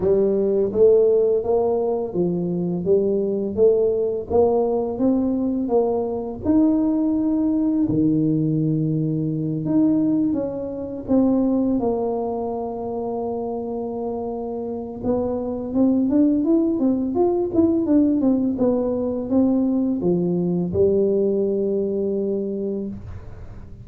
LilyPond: \new Staff \with { instrumentName = "tuba" } { \time 4/4 \tempo 4 = 84 g4 a4 ais4 f4 | g4 a4 ais4 c'4 | ais4 dis'2 dis4~ | dis4. dis'4 cis'4 c'8~ |
c'8 ais2.~ ais8~ | ais4 b4 c'8 d'8 e'8 c'8 | f'8 e'8 d'8 c'8 b4 c'4 | f4 g2. | }